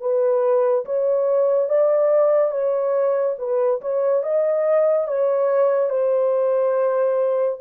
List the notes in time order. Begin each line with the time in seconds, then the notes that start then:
0.00 B4
0.85 C#5
1.69 D5
2.51 C#5
3.38 B4
3.81 C#5
4.23 D#5
5.07 C#5
5.89 C5